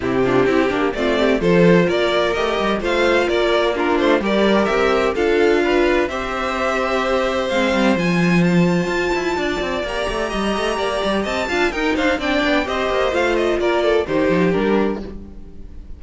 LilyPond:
<<
  \new Staff \with { instrumentName = "violin" } { \time 4/4 \tempo 4 = 128 g'2 d''4 c''4 | d''4 dis''4 f''4 d''4 | ais'8 c''8 d''4 e''4 f''4~ | f''4 e''2. |
f''4 gis''4 a''2~ | a''4 ais''2. | a''4 g''8 f''8 g''4 dis''4 | f''8 dis''8 d''4 c''4 ais'4 | }
  \new Staff \with { instrumentName = "violin" } { \time 4/4 e'8 f'8 g'4 f'8 g'8 a'4 | ais'2 c''4 ais'4 | f'4 ais'2 a'4 | b'4 c''2.~ |
c''1 | d''2 dis''4 d''4 | dis''8 f''8 ais'8 c''8 d''4 c''4~ | c''4 ais'8 a'8 g'2 | }
  \new Staff \with { instrumentName = "viola" } { \time 4/4 c'8 d'8 e'8 d'8 c'4 f'4~ | f'4 g'4 f'2 | d'4 g'2 f'4~ | f'4 g'2. |
c'4 f'2.~ | f'4 g'2.~ | g'8 f'8 dis'4 d'4 g'4 | f'2 dis'4 d'4 | }
  \new Staff \with { instrumentName = "cello" } { \time 4/4 c4 c'8 ais8 a4 f4 | ais4 a8 g8 a4 ais4~ | ais8 a8 g4 c'4 d'4~ | d'4 c'2. |
gis8 g8 f2 f'8 e'8 | d'8 c'8 ais8 a8 g8 a8 ais8 g8 | c'8 d'8 dis'8 d'8 c'8 b8 c'8 ais8 | a4 ais4 dis8 f8 g4 | }
>>